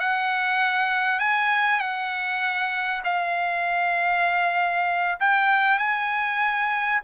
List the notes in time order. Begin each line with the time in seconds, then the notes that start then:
0.00 F#5
1.20 G#5
1.80 F#5
3.04 F5
5.20 G5
5.79 G#5